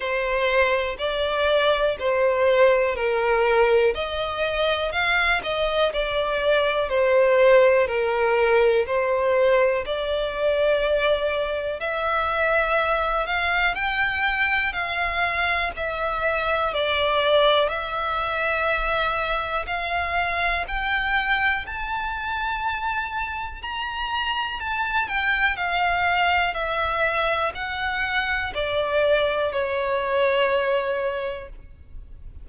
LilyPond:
\new Staff \with { instrumentName = "violin" } { \time 4/4 \tempo 4 = 61 c''4 d''4 c''4 ais'4 | dis''4 f''8 dis''8 d''4 c''4 | ais'4 c''4 d''2 | e''4. f''8 g''4 f''4 |
e''4 d''4 e''2 | f''4 g''4 a''2 | ais''4 a''8 g''8 f''4 e''4 | fis''4 d''4 cis''2 | }